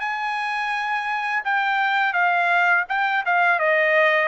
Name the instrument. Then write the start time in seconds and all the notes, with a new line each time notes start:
trumpet
0.00 G#5
1.44 G5
2.13 F5
2.89 G5
3.26 F5
3.59 D#5